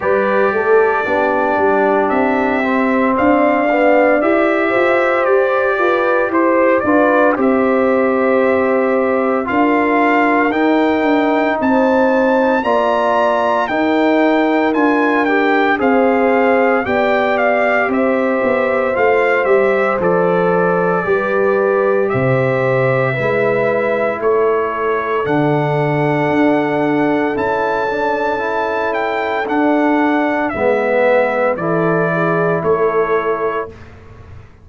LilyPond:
<<
  \new Staff \with { instrumentName = "trumpet" } { \time 4/4 \tempo 4 = 57 d''2 e''4 f''4 | e''4 d''4 c''8 d''8 e''4~ | e''4 f''4 g''4 a''4 | ais''4 g''4 gis''8 g''8 f''4 |
g''8 f''8 e''4 f''8 e''8 d''4~ | d''4 e''2 cis''4 | fis''2 a''4. g''8 | fis''4 e''4 d''4 cis''4 | }
  \new Staff \with { instrumentName = "horn" } { \time 4/4 b'8 a'8 g'2 d''4~ | d''8 c''4 b'8 c''8 b'8 c''4~ | c''4 ais'2 c''4 | d''4 ais'2 c''4 |
d''4 c''2. | b'4 c''4 b'4 a'4~ | a'1~ | a'4 b'4 a'8 gis'8 a'4 | }
  \new Staff \with { instrumentName = "trombone" } { \time 4/4 g'4 d'4. c'4 b8 | g'2~ g'8 f'8 g'4~ | g'4 f'4 dis'2 | f'4 dis'4 f'8 g'8 gis'4 |
g'2 f'8 g'8 a'4 | g'2 e'2 | d'2 e'8 d'8 e'4 | d'4 b4 e'2 | }
  \new Staff \with { instrumentName = "tuba" } { \time 4/4 g8 a8 b8 g8 c'4 d'4 | e'8 f'8 g'8 f'8 e'8 d'8 c'4~ | c'4 d'4 dis'8 d'8 c'4 | ais4 dis'4 d'4 c'4 |
b4 c'8 b8 a8 g8 f4 | g4 c4 gis4 a4 | d4 d'4 cis'2 | d'4 gis4 e4 a4 | }
>>